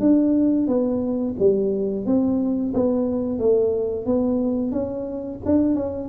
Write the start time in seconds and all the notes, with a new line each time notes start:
0.00 D4
0.67 B3
1.39 G3
2.06 C4
2.74 B3
3.39 A3
4.06 B3
4.72 C#4
5.45 D4
5.75 C#4